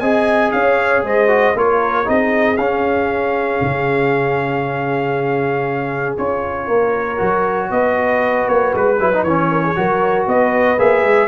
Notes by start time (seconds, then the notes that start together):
0.00 C4 G#4 D#5 G#5
0.52 C#4 C#5 F5
1.03 G#3 C5 D#5
1.28 F#4
1.55 A#3 F4 A#4 C#5
2.05 C4 D#4 G#4 D#5
2.57 C#4 F5
3.61 C#3
6.17 C#4 F4 C#5
6.66 A#3 A#4
7.17 F#3 F#4
7.70 B3 B4 D#5
8.48 A#3 C#5
8.74 G#3 B4
8.99 F#3 E4
9.13 D#4
9.23 E3 C#4 C#5
9.51 A#4
9.65 G#4
9.75 F#3 F#4 A#4
10.26 B3 B4 D#5
10.78 A#3 G#4 E5
11.03 G#3